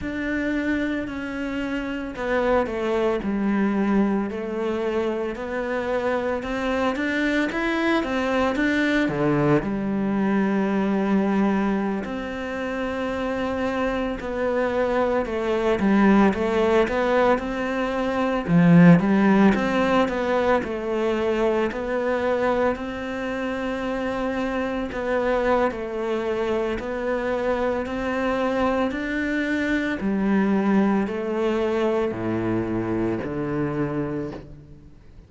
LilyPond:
\new Staff \with { instrumentName = "cello" } { \time 4/4 \tempo 4 = 56 d'4 cis'4 b8 a8 g4 | a4 b4 c'8 d'8 e'8 c'8 | d'8 d8 g2~ g16 c'8.~ | c'4~ c'16 b4 a8 g8 a8 b16~ |
b16 c'4 f8 g8 c'8 b8 a8.~ | a16 b4 c'2 b8. | a4 b4 c'4 d'4 | g4 a4 a,4 d4 | }